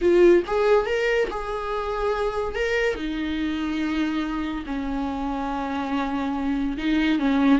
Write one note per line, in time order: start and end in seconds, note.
0.01 0.43 F4
0.46 0.86 G#4
0.86 1.28 A#4
1.29 2.55 G#4
2.55 2.95 A#4
2.95 4.64 D#4
4.65 6.77 C#4
6.77 7.19 D#4
7.19 7.59 C#4